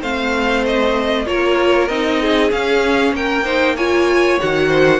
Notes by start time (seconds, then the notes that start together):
0.00 A3 C4 C5 F5
0.66 D#5
1.26 A#3 F4 A#4 C#5
1.88 C4 D#4 D#5
2.21 G#4
2.50 C#4 F5
3.12 A#3 A#4 G5
3.44 D#4 C5
3.76 F4 C#5 G#5
4.41 D#3 F#4 F#5
4.68 C5